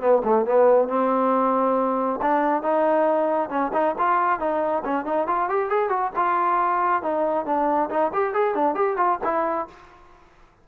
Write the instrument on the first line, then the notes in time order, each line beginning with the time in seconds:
trombone
0.00 B3
0.24 A3
0.45 B3
0.88 C4
2.21 D4
2.62 D#4
3.49 C#4
3.73 D#4
3.98 F4
4.39 D#4
4.84 C#4
5.05 D#4
5.27 F4
5.49 G4
5.69 G#4
5.89 F#4
6.16 F4
7.02 D#4
7.45 D4
7.90 D#4
8.13 G4
8.33 G#4
8.54 D4
8.75 G4
8.97 F4
9.23 E4